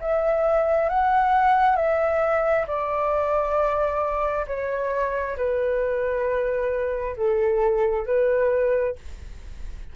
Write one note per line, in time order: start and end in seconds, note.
0.00 0.89 E5
0.89 1.76 F#5
1.76 2.65 E5
2.67 4.46 D5
4.47 5.36 C#5
5.36 7.16 B4
7.16 8.06 A4
8.06 8.96 B4